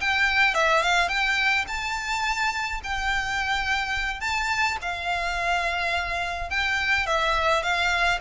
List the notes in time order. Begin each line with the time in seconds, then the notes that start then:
0.00 G5
0.54 E5
0.82 F5
1.08 G5
1.67 A5
2.83 G5
4.20 A5
4.81 F5
6.50 G5
7.06 E5
7.62 F5